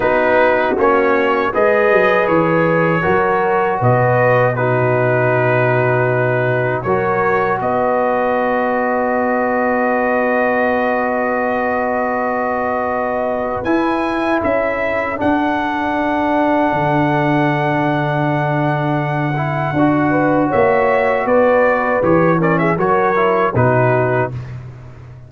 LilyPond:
<<
  \new Staff \with { instrumentName = "trumpet" } { \time 4/4 \tempo 4 = 79 b'4 cis''4 dis''4 cis''4~ | cis''4 dis''4 b'2~ | b'4 cis''4 dis''2~ | dis''1~ |
dis''2 gis''4 e''4 | fis''1~ | fis''2. e''4 | d''4 cis''8 d''16 e''16 cis''4 b'4 | }
  \new Staff \with { instrumentName = "horn" } { \time 4/4 fis'2 b'2 | ais'4 b'4 fis'2~ | fis'4 ais'4 b'2~ | b'1~ |
b'2. a'4~ | a'1~ | a'2~ a'8 b'8 cis''4 | b'4. ais'16 gis'16 ais'4 fis'4 | }
  \new Staff \with { instrumentName = "trombone" } { \time 4/4 dis'4 cis'4 gis'2 | fis'2 dis'2~ | dis'4 fis'2.~ | fis'1~ |
fis'2 e'2 | d'1~ | d'4. e'8 fis'2~ | fis'4 g'8 cis'8 fis'8 e'8 dis'4 | }
  \new Staff \with { instrumentName = "tuba" } { \time 4/4 b4 ais4 gis8 fis8 e4 | fis4 b,2.~ | b,4 fis4 b2~ | b1~ |
b2 e'4 cis'4 | d'2 d2~ | d2 d'4 ais4 | b4 e4 fis4 b,4 | }
>>